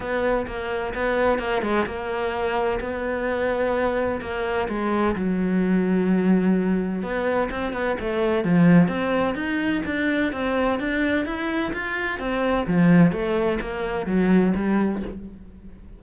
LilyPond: \new Staff \with { instrumentName = "cello" } { \time 4/4 \tempo 4 = 128 b4 ais4 b4 ais8 gis8 | ais2 b2~ | b4 ais4 gis4 fis4~ | fis2. b4 |
c'8 b8 a4 f4 c'4 | dis'4 d'4 c'4 d'4 | e'4 f'4 c'4 f4 | a4 ais4 fis4 g4 | }